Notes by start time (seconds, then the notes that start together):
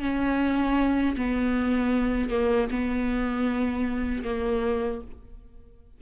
0.00 C#4
1.16 B3
2.30 A#3
2.70 B3
4.24 A#3